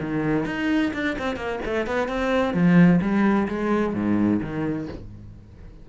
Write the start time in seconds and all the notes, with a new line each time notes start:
0.00 D#3
0.45 D#4
0.93 D4
1.19 C4
1.36 A#3
1.65 A3
1.86 B3
2.08 C4
2.54 F3
3.01 G3
3.48 G#3
3.94 G#2
4.41 D#3